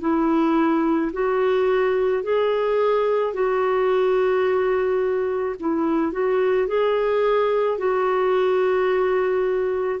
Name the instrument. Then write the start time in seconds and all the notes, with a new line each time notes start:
clarinet
0.00 E4
1.13 F#4
2.23 G#4
3.33 F#4
5.59 E4
6.12 F#4
6.67 G#4
7.78 F#4